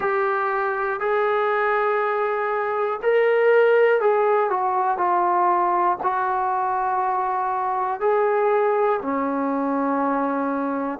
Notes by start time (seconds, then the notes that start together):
0.00 G4
1.00 G#4
3.02 A#4
4.00 G#4
4.50 F#4
4.97 F4
6.02 F#4
8.00 G#4
9.01 C#4